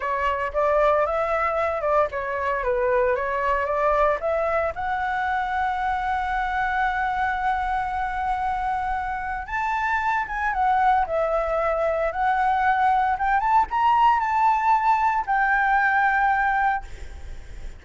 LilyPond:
\new Staff \with { instrumentName = "flute" } { \time 4/4 \tempo 4 = 114 cis''4 d''4 e''4. d''8 | cis''4 b'4 cis''4 d''4 | e''4 fis''2.~ | fis''1~ |
fis''2 a''4. gis''8 | fis''4 e''2 fis''4~ | fis''4 g''8 a''8 ais''4 a''4~ | a''4 g''2. | }